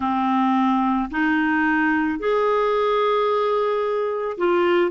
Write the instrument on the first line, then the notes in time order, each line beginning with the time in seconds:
clarinet
0.00 C4
1.10 D#4
2.19 G#4
4.37 F4